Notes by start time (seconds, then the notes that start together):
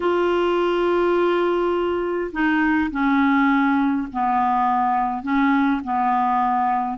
0.00 F4
2.32 D#4
2.91 C#4
4.12 B3
5.22 C#4
5.84 B3